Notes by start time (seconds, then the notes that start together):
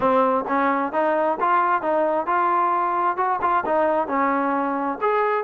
0.00 C4
0.48 C#4
0.92 D#4
1.40 F4
1.82 D#4
2.26 F4
3.17 F#4
3.41 F4
3.65 D#4
4.07 C#4
5.01 G#4